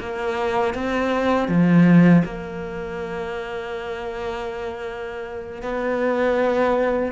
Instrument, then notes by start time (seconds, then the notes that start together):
cello
0.00 A#3
0.74 C4
1.48 F3
2.25 A#3
5.62 B3